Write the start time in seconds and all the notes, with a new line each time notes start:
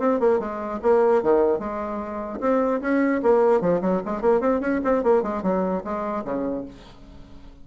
0.00 C4
0.20 A#3
0.40 G#3
0.83 A#3
1.23 D#3
1.60 G#3
2.41 C4
2.81 C#4
3.23 A#3
3.61 F3
3.82 F#3
4.06 G#3
4.22 A#3
4.41 C4
4.61 C#4
4.84 C4
5.04 A#3
5.23 G#3
5.43 F#3
5.85 G#3
6.25 C#3